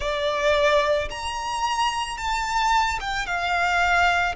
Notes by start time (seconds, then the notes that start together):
0.00 D5
1.10 A#5
2.17 A5
3.00 G5
3.26 F5